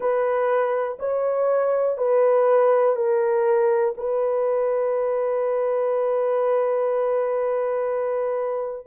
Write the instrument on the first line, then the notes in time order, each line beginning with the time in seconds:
horn
0.00 B4
0.99 C#5
1.97 B4
2.96 A#4
3.97 B4